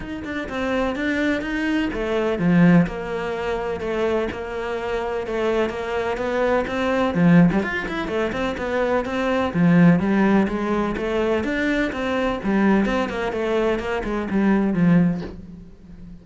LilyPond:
\new Staff \with { instrumentName = "cello" } { \time 4/4 \tempo 4 = 126 dis'8 d'8 c'4 d'4 dis'4 | a4 f4 ais2 | a4 ais2 a4 | ais4 b4 c'4 f8. g16 |
f'8 e'8 a8 c'8 b4 c'4 | f4 g4 gis4 a4 | d'4 c'4 g4 c'8 ais8 | a4 ais8 gis8 g4 f4 | }